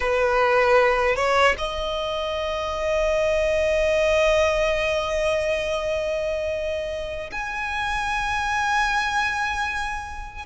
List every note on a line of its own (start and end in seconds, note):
0.00 1.15 B4
1.15 1.55 C#5
1.58 7.30 D#5
7.31 10.46 G#5